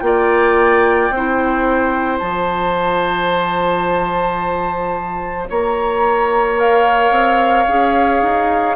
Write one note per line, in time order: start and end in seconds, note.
0.00 1.11 A#3
0.00 1.12 F4
0.00 2.18 G5
0.06 1.15 D5
1.11 2.20 C4
1.11 5.50 C5
1.17 2.23 E4
2.19 5.49 F3
2.19 6.57 F4
2.19 5.46 A5
5.50 7.11 A#3
5.50 8.76 C#5
5.50 6.60 A#5
6.57 7.67 A#4
6.57 8.76 F5
7.11 7.66 C4
7.68 8.22 C#4
7.68 8.76 G#4
8.22 8.76 D#4